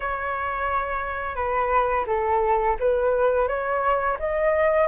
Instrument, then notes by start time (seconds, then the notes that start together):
flute
0.00 C#5
1.35 B4
2.06 A4
2.79 B4
3.48 C#5
4.19 D#5